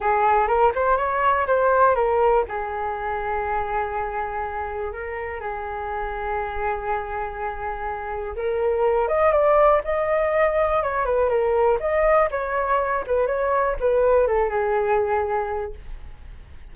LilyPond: \new Staff \with { instrumentName = "flute" } { \time 4/4 \tempo 4 = 122 gis'4 ais'8 c''8 cis''4 c''4 | ais'4 gis'2.~ | gis'2 ais'4 gis'4~ | gis'1~ |
gis'4 ais'4. dis''8 d''4 | dis''2 cis''8 b'8 ais'4 | dis''4 cis''4. b'8 cis''4 | b'4 a'8 gis'2~ gis'8 | }